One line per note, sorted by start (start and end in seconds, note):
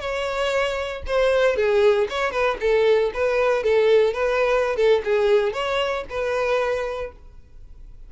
0.00 1.03 C#5
1.07 1.56 C5
1.56 2.07 G#4
2.10 2.31 C#5
2.31 2.57 B4
2.60 3.11 A4
3.14 3.63 B4
3.63 4.14 A4
4.14 4.76 B4
4.76 5.02 A4
5.04 5.53 G#4
5.53 6.04 C#5
6.10 7.12 B4